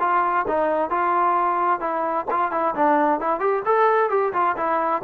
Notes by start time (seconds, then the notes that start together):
0.00 F4
0.48 D#4
0.90 F4
1.80 E4
2.31 F4
2.52 E4
2.75 D4
3.20 E4
3.40 G4
3.66 A4
4.10 G4
4.33 F4
4.57 E4